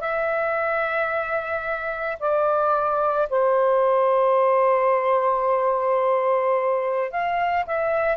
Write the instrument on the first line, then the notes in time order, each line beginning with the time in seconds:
saxophone
0.00 E5
2.19 D5
3.29 C5
7.11 F5
7.66 E5